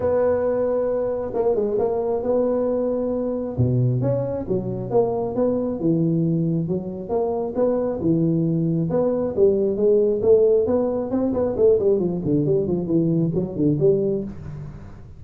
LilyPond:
\new Staff \with { instrumentName = "tuba" } { \time 4/4 \tempo 4 = 135 b2. ais8 gis8 | ais4 b2. | b,4 cis'4 fis4 ais4 | b4 e2 fis4 |
ais4 b4 e2 | b4 g4 gis4 a4 | b4 c'8 b8 a8 g8 f8 d8 | g8 f8 e4 fis8 d8 g4 | }